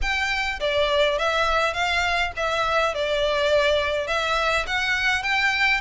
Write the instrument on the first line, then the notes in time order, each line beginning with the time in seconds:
violin
0.01 G5
0.60 D5
1.18 E5
1.73 F5
2.36 E5
2.94 D5
4.07 E5
4.67 F#5
5.23 G5